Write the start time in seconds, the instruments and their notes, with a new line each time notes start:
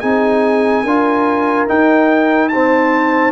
0.00 tuba C4, trombone D#4, horn G#4, trumpet G#5
0.83 tuba D4, trombone F4, horn A#4
1.67 trombone D#4, tuba D#4, trumpet G5
2.49 trombone C4, horn C5, trumpet A5